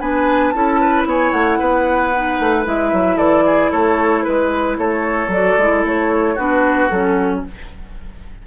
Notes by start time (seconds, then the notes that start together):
0.00 B3 D4 B4 G#5
0.50 C#4 E4 A5
0.56 A4
0.81 B4
1.06 B3 C#5 G#5
1.32 A3 F#5
1.59 B3 B4
2.16 D#4
2.40 A3
2.65 G#3 E4 E5
2.93 F#3
3.17 E3 A4 D5
3.46 G#4
3.71 A3 A4 C#5
4.23 G#3 B4
4.78 A3 A4 C#5
5.28 F#3 F#4 D5
5.58 G#3 E4
5.85 A3 C#5
6.35 B3 D4 F#4 B4
6.89 F#3 C#4 A4